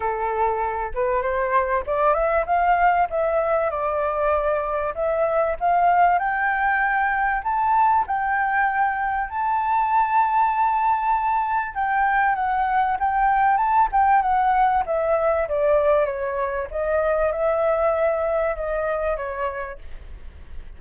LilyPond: \new Staff \with { instrumentName = "flute" } { \time 4/4 \tempo 4 = 97 a'4. b'8 c''4 d''8 e''8 | f''4 e''4 d''2 | e''4 f''4 g''2 | a''4 g''2 a''4~ |
a''2. g''4 | fis''4 g''4 a''8 g''8 fis''4 | e''4 d''4 cis''4 dis''4 | e''2 dis''4 cis''4 | }